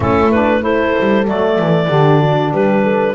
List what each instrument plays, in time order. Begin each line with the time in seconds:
0.00 double bass A3, saxophone C#4, horn E4, clarinet A4
0.31 saxophone D4, clarinet B4
0.60 saxophone E4, horn A4, clarinet C5
0.99 double bass G3
1.26 double bass F#3, saxophone A3, clarinet D5
1.59 double bass E3
1.87 double bass D3, saxophone D4, horn G4
2.20 horn F#4
2.51 double bass G3, horn G4, clarinet B4
2.83 horn A4